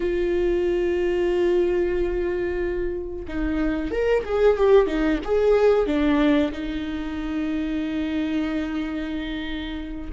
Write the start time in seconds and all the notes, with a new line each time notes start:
0.00 F4
3.28 D#4
3.91 A#4
4.24 G#4
4.57 G4
4.86 D#4
5.24 G#4
5.86 D4
6.52 D#4